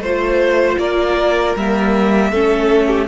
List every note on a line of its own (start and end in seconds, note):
0.00 0.77 A3
0.00 1.58 F4
0.00 0.79 C5
0.79 1.56 A#3
0.79 2.31 A#4
0.79 1.56 D5
1.56 2.32 G3
1.56 2.35 A#3
1.56 3.09 E5
2.31 3.09 A3
2.31 3.09 C#4
2.31 2.88 A4
2.88 3.07 G4